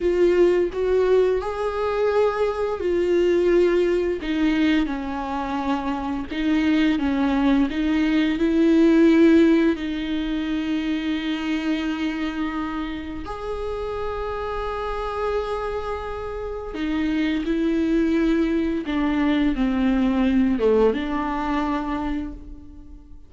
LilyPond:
\new Staff \with { instrumentName = "viola" } { \time 4/4 \tempo 4 = 86 f'4 fis'4 gis'2 | f'2 dis'4 cis'4~ | cis'4 dis'4 cis'4 dis'4 | e'2 dis'2~ |
dis'2. gis'4~ | gis'1 | dis'4 e'2 d'4 | c'4. a8 d'2 | }